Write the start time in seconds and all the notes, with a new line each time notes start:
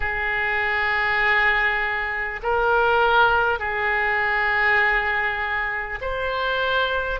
0.00 G#4
2.43 A#4
3.59 G#4
6.01 C5